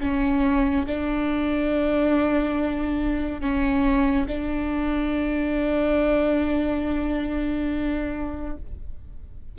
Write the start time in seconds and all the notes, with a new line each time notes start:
0.00 C#4
0.86 D4
3.41 C#4
4.28 D4